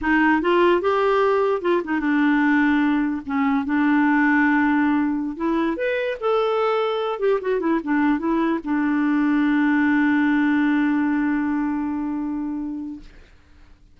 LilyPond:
\new Staff \with { instrumentName = "clarinet" } { \time 4/4 \tempo 4 = 148 dis'4 f'4 g'2 | f'8 dis'8 d'2. | cis'4 d'2.~ | d'4~ d'16 e'4 b'4 a'8.~ |
a'4.~ a'16 g'8 fis'8 e'8 d'8.~ | d'16 e'4 d'2~ d'8.~ | d'1~ | d'1 | }